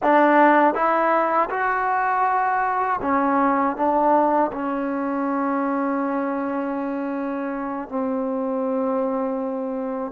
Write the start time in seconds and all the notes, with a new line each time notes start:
0.02 D4
0.74 E4
1.50 F#4
3.01 C#4
3.76 D4
4.52 C#4
7.89 C4